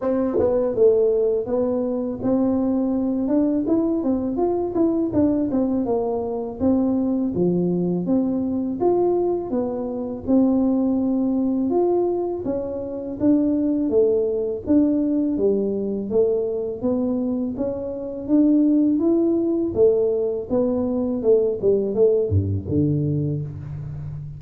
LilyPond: \new Staff \with { instrumentName = "tuba" } { \time 4/4 \tempo 4 = 82 c'8 b8 a4 b4 c'4~ | c'8 d'8 e'8 c'8 f'8 e'8 d'8 c'8 | ais4 c'4 f4 c'4 | f'4 b4 c'2 |
f'4 cis'4 d'4 a4 | d'4 g4 a4 b4 | cis'4 d'4 e'4 a4 | b4 a8 g8 a8 g,8 d4 | }